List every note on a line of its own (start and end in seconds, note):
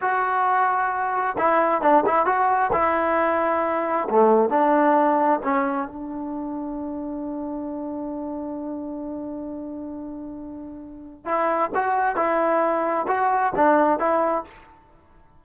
0.01 1.36 F#4
1.38 1.81 E4
1.81 2.04 D4
2.05 2.26 E4
2.26 2.71 F#4
2.73 4.08 E4
4.09 4.49 A3
4.49 5.40 D4
5.43 5.87 C#4
5.87 11.25 D4
11.25 11.70 E4
11.74 12.16 F#4
12.16 13.06 E4
13.07 13.52 F#4
13.55 13.99 D4
13.99 14.44 E4